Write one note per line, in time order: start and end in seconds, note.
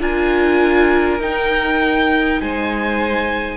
0.00 1.19 D4
0.00 1.20 F4
0.00 2.42 A#4
0.00 1.22 G#5
1.19 2.39 D#4
1.19 3.56 D#4
1.19 2.42 G5
2.41 3.56 G#3
2.41 3.56 C5
2.41 3.56 G#5